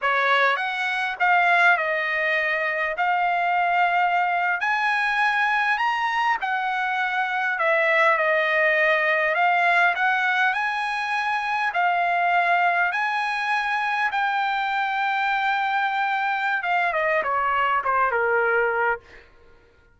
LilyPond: \new Staff \with { instrumentName = "trumpet" } { \time 4/4 \tempo 4 = 101 cis''4 fis''4 f''4 dis''4~ | dis''4 f''2~ f''8. gis''16~ | gis''4.~ gis''16 ais''4 fis''4~ fis''16~ | fis''8. e''4 dis''2 f''16~ |
f''8. fis''4 gis''2 f''16~ | f''4.~ f''16 gis''2 g''16~ | g''1 | f''8 dis''8 cis''4 c''8 ais'4. | }